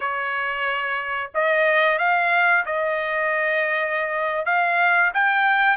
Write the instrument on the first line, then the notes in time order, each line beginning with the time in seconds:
trumpet
0.00 C#5
1.34 D#5
1.98 F5
2.65 D#5
4.45 F5
5.14 G5